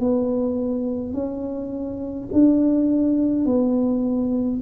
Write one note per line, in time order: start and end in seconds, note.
0.00 1.14 B3
1.14 2.29 C#4
2.33 3.46 D4
3.46 4.61 B3